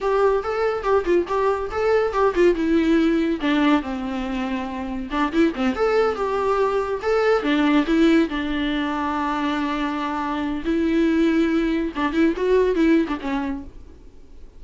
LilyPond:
\new Staff \with { instrumentName = "viola" } { \time 4/4 \tempo 4 = 141 g'4 a'4 g'8 f'8 g'4 | a'4 g'8 f'8 e'2 | d'4 c'2. | d'8 e'8 c'8 a'4 g'4.~ |
g'8 a'4 d'4 e'4 d'8~ | d'1~ | d'4 e'2. | d'8 e'8 fis'4 e'8. d'16 cis'4 | }